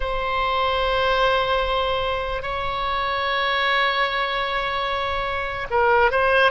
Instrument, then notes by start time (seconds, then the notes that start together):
oboe
0.00 C5
2.42 C#5
5.70 A#4
6.11 C5